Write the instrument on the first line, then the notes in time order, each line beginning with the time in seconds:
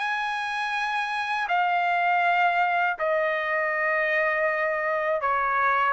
trumpet
0.00 G#5
1.49 F5
2.99 D#5
5.22 C#5